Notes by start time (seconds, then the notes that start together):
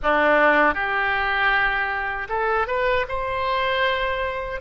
0.02 D4
0.74 G4
2.28 A4
2.67 B4
3.08 C5